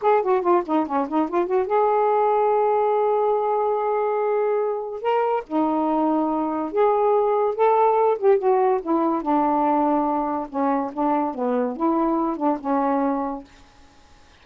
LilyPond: \new Staff \with { instrumentName = "saxophone" } { \time 4/4 \tempo 4 = 143 gis'8 fis'8 f'8 dis'8 cis'8 dis'8 f'8 fis'8 | gis'1~ | gis'1 | ais'4 dis'2. |
gis'2 a'4. g'8 | fis'4 e'4 d'2~ | d'4 cis'4 d'4 b4 | e'4. d'8 cis'2 | }